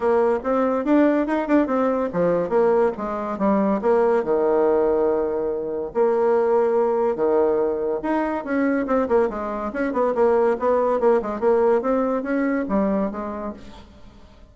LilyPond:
\new Staff \with { instrumentName = "bassoon" } { \time 4/4 \tempo 4 = 142 ais4 c'4 d'4 dis'8 d'8 | c'4 f4 ais4 gis4 | g4 ais4 dis2~ | dis2 ais2~ |
ais4 dis2 dis'4 | cis'4 c'8 ais8 gis4 cis'8 b8 | ais4 b4 ais8 gis8 ais4 | c'4 cis'4 g4 gis4 | }